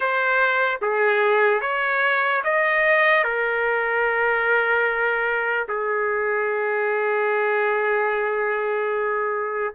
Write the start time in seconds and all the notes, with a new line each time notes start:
0.00 C5
0.81 G#4
1.61 C#5
2.43 D#5
3.24 A#4
5.68 G#4